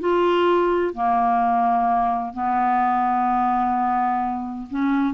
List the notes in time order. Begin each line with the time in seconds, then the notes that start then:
0.00 F4
0.94 A#3
2.33 B3
4.70 C#4